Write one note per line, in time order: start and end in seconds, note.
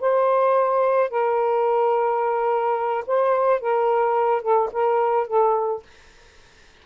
0.00 1.10 C5
1.10 3.04 A#4
3.07 3.60 C5
3.60 4.42 A#4
4.42 4.69 A4
4.72 5.27 A#4
5.27 5.82 A4